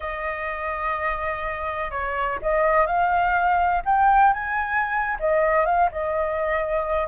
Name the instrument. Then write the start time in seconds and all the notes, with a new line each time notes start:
flute
0.00 D#5
1.90 C#5
2.42 D#5
2.86 F5
3.85 G5
4.33 G#5
5.19 D#5
5.65 F5
5.91 D#5